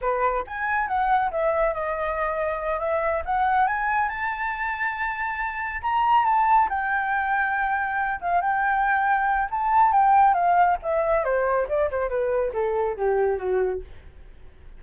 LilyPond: \new Staff \with { instrumentName = "flute" } { \time 4/4 \tempo 4 = 139 b'4 gis''4 fis''4 e''4 | dis''2~ dis''8 e''4 fis''8~ | fis''8 gis''4 a''2~ a''8~ | a''4. ais''4 a''4 g''8~ |
g''2. f''8 g''8~ | g''2 a''4 g''4 | f''4 e''4 c''4 d''8 c''8 | b'4 a'4 g'4 fis'4 | }